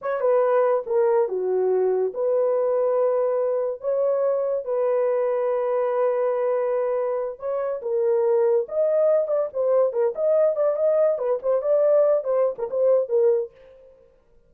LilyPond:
\new Staff \with { instrumentName = "horn" } { \time 4/4 \tempo 4 = 142 cis''8 b'4. ais'4 fis'4~ | fis'4 b'2.~ | b'4 cis''2 b'4~ | b'1~ |
b'4. cis''4 ais'4.~ | ais'8 dis''4. d''8 c''4 ais'8 | dis''4 d''8 dis''4 b'8 c''8 d''8~ | d''4 c''8. ais'16 c''4 ais'4 | }